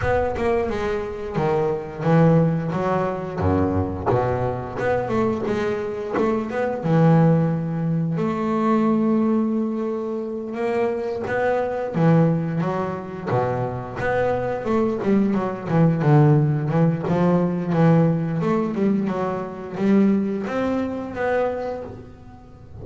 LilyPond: \new Staff \with { instrumentName = "double bass" } { \time 4/4 \tempo 4 = 88 b8 ais8 gis4 dis4 e4 | fis4 fis,4 b,4 b8 a8 | gis4 a8 b8 e2 | a2.~ a8 ais8~ |
ais8 b4 e4 fis4 b,8~ | b,8 b4 a8 g8 fis8 e8 d8~ | d8 e8 f4 e4 a8 g8 | fis4 g4 c'4 b4 | }